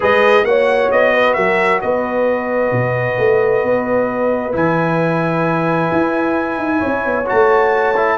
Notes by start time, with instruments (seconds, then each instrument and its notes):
0.00 tuba G#3, trombone G#4, horn B4, trumpet D#5
0.43 tuba A#3, trombone F#4, horn C#5, trumpet F#5
0.91 tuba B3, trumpet D#5
1.13 horn B4
1.33 tuba F#3, horn A#4, trumpet E5
1.81 tuba B3, horn B4, trumpet D#5
2.71 tuba B2
3.18 tuba A3
3.63 tuba B3
4.52 tuba E3, trombone E4, trumpet G#5
5.92 tuba E4
6.57 tuba D#4
6.79 horn C#5
6.85 tuba C#4
7.05 tuba B3
7.26 tuba A3, trombone F#4, trumpet A5
7.96 trombone E4